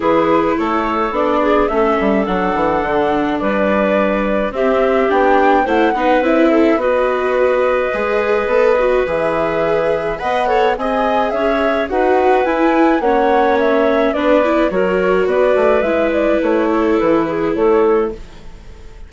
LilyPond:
<<
  \new Staff \with { instrumentName = "flute" } { \time 4/4 \tempo 4 = 106 b'4 cis''4 d''4 e''4 | fis''2 d''2 | e''4 g''4 fis''4 e''4 | dis''1 |
e''2 fis''4 gis''4 | e''4 fis''4 gis''4 fis''4 | e''4 d''4 cis''4 d''4 | e''8 d''8 cis''4 b'4 cis''4 | }
  \new Staff \with { instrumentName = "clarinet" } { \time 4/4 gis'4 a'4. gis'8 a'4~ | a'2 b'2 | g'2 c''8 b'4 a'8 | b'1~ |
b'2 dis''8 cis''8 dis''4 | cis''4 b'2 cis''4~ | cis''4 b'4 ais'4 b'4~ | b'4. a'4 gis'8 a'4 | }
  \new Staff \with { instrumentName = "viola" } { \time 4/4 e'2 d'4 cis'4 | d'1 | c'4 d'4 e'8 dis'8 e'4 | fis'2 gis'4 a'8 fis'8 |
gis'2 b'8 a'8 gis'4~ | gis'4 fis'4 e'4 cis'4~ | cis'4 d'8 e'8 fis'2 | e'1 | }
  \new Staff \with { instrumentName = "bassoon" } { \time 4/4 e4 a4 b4 a8 g8 | fis8 e8 d4 g2 | c'4 b4 a8 b8 c'4 | b2 gis4 b4 |
e2 b4 c'4 | cis'4 dis'4 e'4 ais4~ | ais4 b4 fis4 b8 a8 | gis4 a4 e4 a4 | }
>>